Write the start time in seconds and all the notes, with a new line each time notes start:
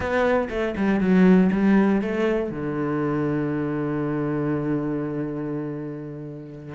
0.00 B3
0.49 A3
0.77 G3
1.00 F#3
1.52 G3
2.01 A3
2.50 D3